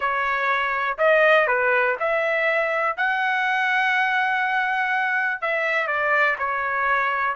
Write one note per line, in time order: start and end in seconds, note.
0.00 0.97 C#5
0.97 1.47 D#5
1.47 1.96 B4
1.99 2.96 E5
2.96 5.41 F#5
5.41 5.87 E5
5.87 6.36 D5
6.38 7.35 C#5